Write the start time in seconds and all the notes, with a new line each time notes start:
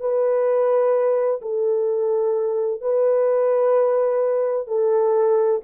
0.00 B4
1.41 A4
2.81 B4
4.67 A4